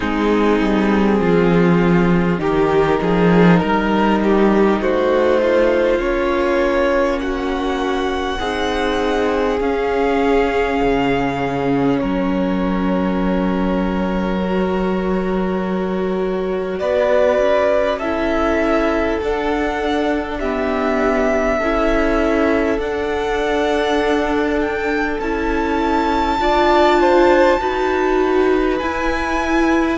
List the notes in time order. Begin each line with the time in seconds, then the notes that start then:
0.00 G#3 C4 D#4 G#4
0.60 G3
1.20 F3 F4
2.38 D#3 D#4 G4 A#4
3.01 F3 G#4
3.59 G3 A#4
4.23 G4
4.80 A3 F#4 C5
5.41 F4
5.98 A#3 C#4 C#5
7.19 F#4 F#5
8.39 C4 D#4 G#4
9.59 C#4 F5
10.82 C#3
11.98 F#3 A#4 C#5
14.42 F#4
16.79 B3 B4 D5
17.38 C#4
17.98 E4 A4 E5
19.21 D4 F#5
20.39 B3 G4 E5
21.58 C#4 E4 A4
22.78 D4 F#5
24.60 G5
25.20 C#4 E4 A5
26.39 D4 F4 D5
27.00 C5
27.59 D#4 F#4 B4
28.78 E4 G#5